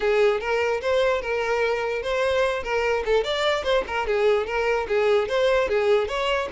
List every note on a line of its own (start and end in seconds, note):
0.00 0.40 G#4
0.40 0.81 A#4
0.81 1.21 C5
1.21 2.02 A#4
2.02 2.63 C5
2.63 3.03 A#4
3.05 3.23 A4
3.23 3.63 D5
3.63 3.83 C5
3.87 4.06 A#4
4.06 4.46 G#4
4.46 4.86 A#4
4.88 5.28 G#4
5.28 5.68 C5
5.68 6.08 G#4
6.08 6.48 C#5